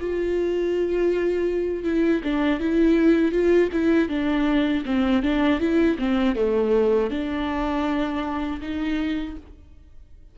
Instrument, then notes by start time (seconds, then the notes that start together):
viola
0.00 F4
1.83 E4
2.24 D4
2.60 E4
3.32 F4
3.72 E4
4.08 D4
4.85 C4
5.23 D4
5.59 E4
5.98 C4
6.35 A3
7.10 D4
8.61 D#4